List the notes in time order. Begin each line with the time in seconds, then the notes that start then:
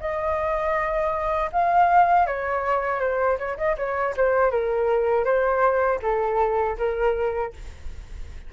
0.00 D#5
1.52 F5
2.26 C#5
3.00 C5
3.38 C#5
3.57 D#5
3.77 C#5
4.17 C5
4.51 A#4
5.25 C5
6.02 A4
6.78 A#4